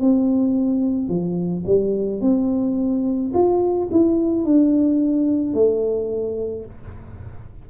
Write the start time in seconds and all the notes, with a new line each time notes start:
0.00 C4
1.08 F3
1.66 G3
2.21 C4
3.33 F4
3.91 E4
4.44 D4
5.54 A3